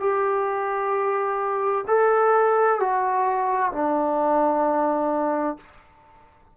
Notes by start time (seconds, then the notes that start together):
0.00 G4
1.88 A4
2.80 F#4
3.73 D4